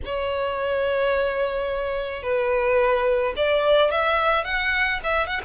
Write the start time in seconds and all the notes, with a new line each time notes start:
0.05 C#5
2.22 B4
3.36 D5
3.91 E5
4.44 F#5
5.03 E5
5.27 F#5